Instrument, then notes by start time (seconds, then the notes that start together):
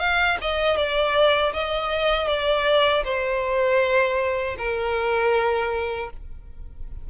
violin
0.00 F5
0.41 D#5
0.77 D5
1.53 D#5
2.28 D5
3.04 C5
4.58 A#4